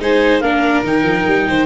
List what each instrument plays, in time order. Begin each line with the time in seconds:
0.00 tuba G#3, viola D#4, violin C5, clarinet G#5
0.40 tuba A#3, viola D4, violin A#4, clarinet F5
0.83 tuba D#3, viola D#4, clarinet G5
1.03 tuba F3
1.27 tuba G3
1.49 tuba D#3, violin C5